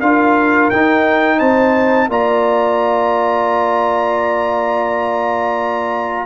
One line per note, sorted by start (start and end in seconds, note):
0.00 0.72 D4
0.00 0.73 F4
0.00 1.38 A#4
0.00 0.70 F5
0.70 1.41 D#4
0.70 2.10 D#4
0.70 1.40 G5
1.38 2.09 C4
1.38 2.08 C5
1.38 2.09 A5
2.09 6.26 A#3
2.09 6.26 F4
2.09 6.26 D5
2.09 6.26 A#5